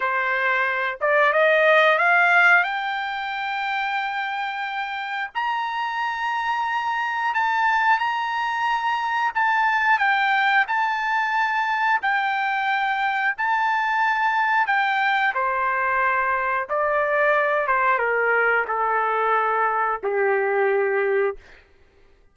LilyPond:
\new Staff \with { instrumentName = "trumpet" } { \time 4/4 \tempo 4 = 90 c''4. d''8 dis''4 f''4 | g''1 | ais''2. a''4 | ais''2 a''4 g''4 |
a''2 g''2 | a''2 g''4 c''4~ | c''4 d''4. c''8 ais'4 | a'2 g'2 | }